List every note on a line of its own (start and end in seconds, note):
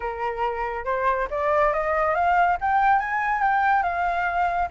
0.00 0.84 A#4
0.85 1.27 C5
1.30 1.73 D5
1.73 2.14 D#5
2.14 2.57 F5
2.60 2.99 G5
2.99 3.42 G#5
3.42 3.83 G5
3.83 4.68 F5